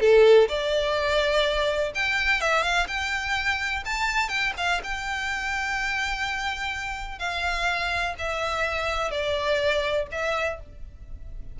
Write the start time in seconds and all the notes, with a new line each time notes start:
0.00 A4
0.48 D5
1.95 G5
2.41 E5
2.63 F5
2.87 G5
3.85 A5
4.29 G5
4.57 F5
4.83 G5
7.19 F5
8.18 E5
9.11 D5
10.11 E5